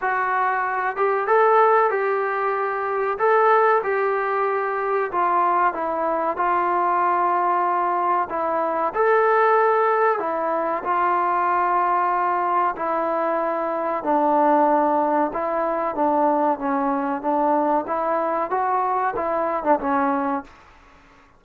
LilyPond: \new Staff \with { instrumentName = "trombone" } { \time 4/4 \tempo 4 = 94 fis'4. g'8 a'4 g'4~ | g'4 a'4 g'2 | f'4 e'4 f'2~ | f'4 e'4 a'2 |
e'4 f'2. | e'2 d'2 | e'4 d'4 cis'4 d'4 | e'4 fis'4 e'8. d'16 cis'4 | }